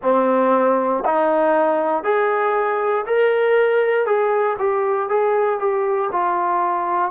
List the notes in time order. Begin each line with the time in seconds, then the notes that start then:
0.02 C4
1.05 D#4
2.03 G#4
3.06 A#4
4.06 G#4
4.58 G4
5.09 G#4
5.59 G4
6.12 F4